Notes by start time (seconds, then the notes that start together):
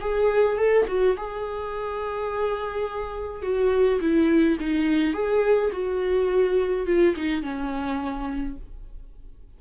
0.00 G#4
0.57 A4
0.88 F#4
1.17 G#4
3.42 F#4
4.01 E4
4.60 D#4
5.14 G#4
5.72 F#4
6.86 F4
7.16 D#4
7.42 C#4